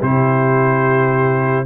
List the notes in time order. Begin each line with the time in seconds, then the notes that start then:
0.00 C3 E4 G4 C5